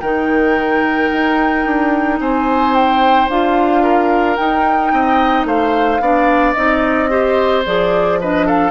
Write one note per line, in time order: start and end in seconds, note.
0.00 1.10 D#3
0.00 3.29 D#4
0.00 2.19 A#4
0.00 2.18 G5
1.12 1.65 D#4
1.65 2.19 D4
2.19 3.28 C4
2.19 3.82 C5
2.19 2.74 G#5
2.74 3.29 G5
3.28 4.37 D4
3.28 4.36 F4
3.28 4.35 F5
3.82 4.92 A#4
4.35 6.00 D#4
4.35 4.92 D#4
4.35 5.45 G5
4.92 5.44 C4
4.92 5.47 D#5
5.44 5.99 A3
5.44 6.01 C5
5.44 6.53 F5
6.00 6.54 B3
6.00 6.55 D4
6.00 7.10 D5
6.53 7.65 C4
6.53 7.09 D#4
6.53 7.62 D#5
7.09 7.63 G4
7.09 8.19 C5
7.66 8.71 F3
7.66 8.20 G#4
7.66 8.20 D5
8.20 8.71 D4
8.20 8.46 B4
8.20 8.47 D#5
8.46 8.71 A4
8.46 8.71 F5